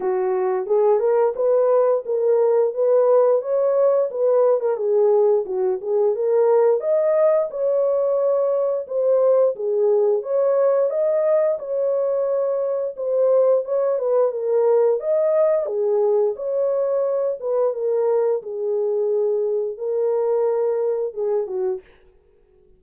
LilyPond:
\new Staff \with { instrumentName = "horn" } { \time 4/4 \tempo 4 = 88 fis'4 gis'8 ais'8 b'4 ais'4 | b'4 cis''4 b'8. ais'16 gis'4 | fis'8 gis'8 ais'4 dis''4 cis''4~ | cis''4 c''4 gis'4 cis''4 |
dis''4 cis''2 c''4 | cis''8 b'8 ais'4 dis''4 gis'4 | cis''4. b'8 ais'4 gis'4~ | gis'4 ais'2 gis'8 fis'8 | }